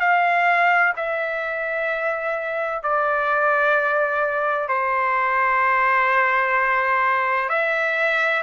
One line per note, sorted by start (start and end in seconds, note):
0.00 0.94 F5
0.96 2.83 E5
2.83 4.69 D5
4.69 7.49 C5
7.49 8.43 E5